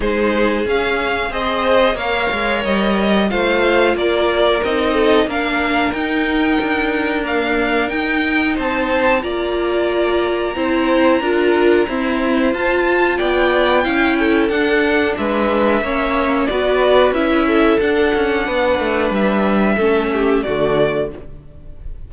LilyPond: <<
  \new Staff \with { instrumentName = "violin" } { \time 4/4 \tempo 4 = 91 c''4 f''4 dis''4 f''4 | dis''4 f''4 d''4 dis''4 | f''4 g''2 f''4 | g''4 a''4 ais''2~ |
ais''2. a''4 | g''2 fis''4 e''4~ | e''4 d''4 e''4 fis''4~ | fis''4 e''2 d''4 | }
  \new Staff \with { instrumentName = "violin" } { \time 4/4 gis'2 c''4 cis''4~ | cis''4 c''4 ais'4. a'8 | ais'1~ | ais'4 c''4 d''2 |
c''4 ais'4 c''2 | d''4 f''8 a'4. b'4 | cis''4 b'4. a'4. | b'2 a'8 g'8 fis'4 | }
  \new Staff \with { instrumentName = "viola" } { \time 4/4 dis'4 cis'4 gis'4 ais'4~ | ais'4 f'2 dis'4 | d'4 dis'2 ais4 | dis'2 f'2 |
e'4 f'4 c'4 f'4~ | f'4 e'4 d'2 | cis'4 fis'4 e'4 d'4~ | d'2 cis'4 a4 | }
  \new Staff \with { instrumentName = "cello" } { \time 4/4 gis4 cis'4 c'4 ais8 gis8 | g4 a4 ais4 c'4 | ais4 dis'4 d'2 | dis'4 c'4 ais2 |
c'4 d'4 e'4 f'4 | b4 cis'4 d'4 gis4 | ais4 b4 cis'4 d'8 cis'8 | b8 a8 g4 a4 d4 | }
>>